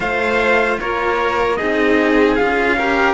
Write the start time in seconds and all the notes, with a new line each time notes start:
0.00 A3 F4 C5 F5
0.79 A#3 A#4 C#5
1.56 C4 D#4 G#4 D#5
2.35 C#4 F4 F5
2.77 G4 A#4